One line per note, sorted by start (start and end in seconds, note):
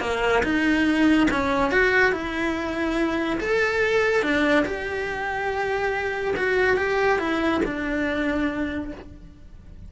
0.00 0.42 A#3
0.43 1.27 D#4
1.30 1.71 C#4
1.71 2.11 F#4
2.11 3.38 E4
3.40 4.22 A4
4.22 4.64 D4
4.65 6.34 G4
6.36 6.77 F#4
6.77 7.19 G4
7.19 7.61 E4
7.64 8.91 D4